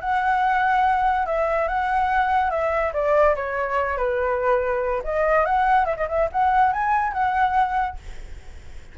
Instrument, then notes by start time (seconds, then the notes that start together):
flute
0.00 F#5
1.25 E5
1.67 F#5
2.50 E5
2.93 D5
3.35 C#5
3.97 B4
5.04 D#5
5.45 F#5
5.85 E5
5.96 D#5
6.08 E5
6.32 F#5
6.72 G#5
7.13 F#5